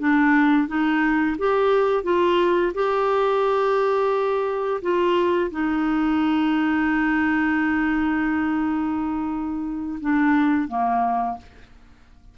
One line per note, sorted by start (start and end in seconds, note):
0.00 0.68 D4
0.68 1.37 D#4
1.39 2.04 G4
2.04 2.73 F4
2.75 4.82 G4
4.82 5.51 F4
5.51 10.00 D#4
10.01 10.69 D4
10.69 11.38 A#3